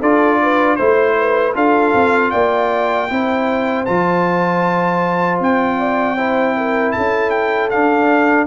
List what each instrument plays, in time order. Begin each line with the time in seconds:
0.00 tuba D4, trombone F4, horn A4, trumpet D5
0.42 horn B4
0.76 tuba A3, trombone E4, trumpet C5, horn C5
1.18 horn B4
1.54 tuba D4, trombone F4, horn A4, trumpet F5
1.94 tuba C4
2.30 tuba A#3, horn D5, trumpet G5
3.09 tuba C4, trombone E4, horn C5
3.85 tuba F3, trombone F4, trumpet A5
5.40 tuba C4, trumpet G5
5.78 horn D5
6.15 trombone E4, horn C5
6.56 horn A#4
6.92 tuba C#4, horn A4, trumpet A5
7.30 trumpet G5
7.70 trombone D4, tuba D4, trumpet F5